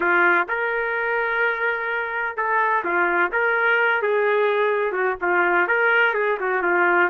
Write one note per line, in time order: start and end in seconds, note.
0.00 0.47 F4
0.48 2.36 A#4
2.36 2.84 A4
2.84 3.31 F4
3.32 4.02 A#4
4.02 4.92 G#4
4.92 5.15 F#4
5.21 5.67 F4
5.67 6.14 A#4
6.14 6.37 G#4
6.40 6.62 F#4
6.62 7.09 F4